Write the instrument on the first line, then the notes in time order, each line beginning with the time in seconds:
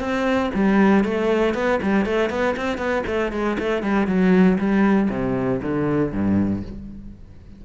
cello
0.00 C4
0.55 G3
1.04 A3
1.55 B3
1.83 G3
2.05 A3
2.30 B3
2.57 C4
2.78 B3
3.07 A3
3.32 G#3
3.59 A3
3.83 G3
4.07 F#3
4.59 G3
5.10 C3
5.62 D3
6.12 G2